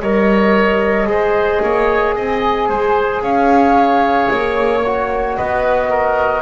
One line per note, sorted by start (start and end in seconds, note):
0.00 1.06 G3
0.00 1.07 A#4
0.00 1.08 C#5
0.00 2.15 D#5
1.06 1.60 G#3
1.06 4.82 G#4
1.06 1.63 C5
1.63 2.16 A#3
1.63 2.15 C#5
2.15 2.69 C4
2.15 2.69 D#5
2.15 3.23 G#5
2.69 3.22 G#3
2.69 3.22 C5
3.22 4.29 C#4
3.22 5.37 C#5
3.22 4.30 F5
4.30 5.38 A#3
4.30 5.37 C#5
4.85 6.41 F#4
5.37 6.41 B3
5.37 5.90 B4
5.37 6.41 D#5
5.90 6.41 A#4